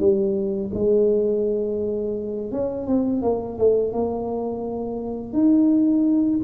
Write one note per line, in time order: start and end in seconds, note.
0.00 0.71 G3
0.75 2.52 G#3
2.52 2.87 C#4
2.87 3.22 C4
3.22 3.58 A#3
3.58 3.93 A3
3.93 5.33 A#3
5.33 6.40 D#4